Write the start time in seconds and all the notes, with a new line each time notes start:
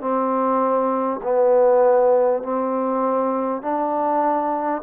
0.00 C4
1.22 B3
2.42 C4
3.62 D4